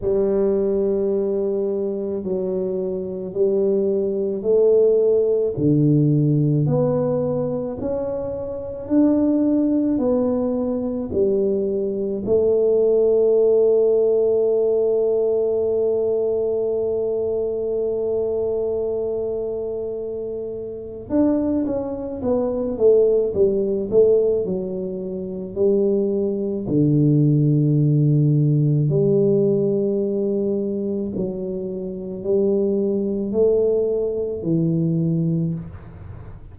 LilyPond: \new Staff \with { instrumentName = "tuba" } { \time 4/4 \tempo 4 = 54 g2 fis4 g4 | a4 d4 b4 cis'4 | d'4 b4 g4 a4~ | a1~ |
a2. d'8 cis'8 | b8 a8 g8 a8 fis4 g4 | d2 g2 | fis4 g4 a4 e4 | }